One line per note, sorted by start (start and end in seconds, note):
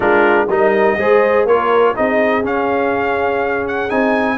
0.00 0.46 G#3
0.00 0.47 D4
0.00 0.48 F4
0.00 0.49 A#4
0.47 0.96 G3
0.47 0.98 D#4
0.47 0.98 A#4
0.47 1.46 D#5
0.97 1.45 G#3
0.97 1.48 G#4
0.97 1.46 C5
1.45 1.93 A#3
1.45 1.95 F4
1.45 1.95 A#4
1.45 1.95 C#5
1.95 2.44 C4
1.95 2.43 D#4
1.95 4.37 G#4
1.95 2.45 D#5
2.43 3.89 C#4
2.43 3.90 C#4
2.43 3.67 F5
3.67 3.89 F#5
3.89 4.37 C4
3.89 4.37 D#4
3.89 4.37 G#5